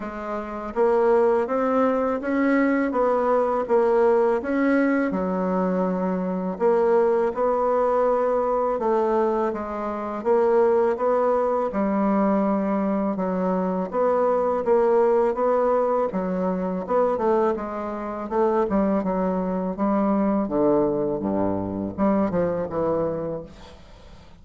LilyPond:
\new Staff \with { instrumentName = "bassoon" } { \time 4/4 \tempo 4 = 82 gis4 ais4 c'4 cis'4 | b4 ais4 cis'4 fis4~ | fis4 ais4 b2 | a4 gis4 ais4 b4 |
g2 fis4 b4 | ais4 b4 fis4 b8 a8 | gis4 a8 g8 fis4 g4 | d4 g,4 g8 f8 e4 | }